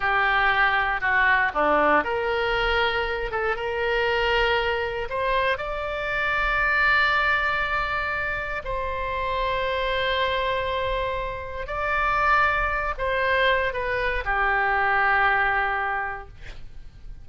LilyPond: \new Staff \with { instrumentName = "oboe" } { \time 4/4 \tempo 4 = 118 g'2 fis'4 d'4 | ais'2~ ais'8 a'8 ais'4~ | ais'2 c''4 d''4~ | d''1~ |
d''4 c''2.~ | c''2. d''4~ | d''4. c''4. b'4 | g'1 | }